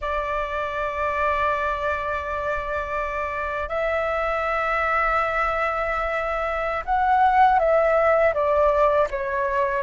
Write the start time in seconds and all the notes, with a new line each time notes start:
0.01 D5
3.68 E5
6.85 F#5
7.59 E5
8.33 D5
9.10 C#5